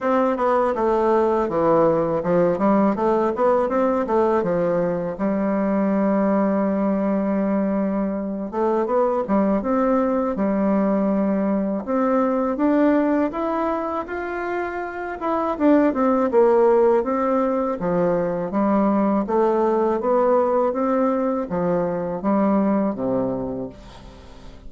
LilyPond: \new Staff \with { instrumentName = "bassoon" } { \time 4/4 \tempo 4 = 81 c'8 b8 a4 e4 f8 g8 | a8 b8 c'8 a8 f4 g4~ | g2.~ g8 a8 | b8 g8 c'4 g2 |
c'4 d'4 e'4 f'4~ | f'8 e'8 d'8 c'8 ais4 c'4 | f4 g4 a4 b4 | c'4 f4 g4 c4 | }